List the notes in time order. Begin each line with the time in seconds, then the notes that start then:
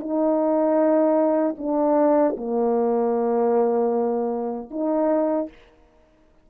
0.00 D#4
1.58 D4
2.37 A#3
4.71 D#4